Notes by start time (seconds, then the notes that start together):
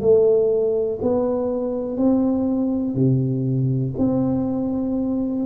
0.00 A3
1.01 B3
1.97 C4
2.94 C3
3.98 C4